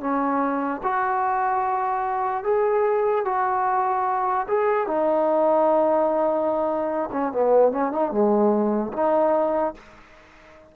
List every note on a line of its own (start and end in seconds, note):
0.00 0.81 C#4
0.83 2.44 F#4
2.44 3.25 G#4
3.25 4.47 F#4
4.48 4.87 G#4
4.87 7.10 D#4
7.12 7.32 C#4
7.32 7.72 B3
7.72 7.92 C#4
7.92 8.11 D#4
8.11 8.92 G#3
8.93 9.74 D#4